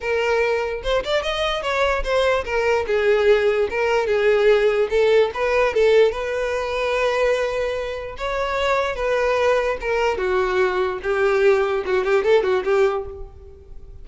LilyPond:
\new Staff \with { instrumentName = "violin" } { \time 4/4 \tempo 4 = 147 ais'2 c''8 d''8 dis''4 | cis''4 c''4 ais'4 gis'4~ | gis'4 ais'4 gis'2 | a'4 b'4 a'4 b'4~ |
b'1 | cis''2 b'2 | ais'4 fis'2 g'4~ | g'4 fis'8 g'8 a'8 fis'8 g'4 | }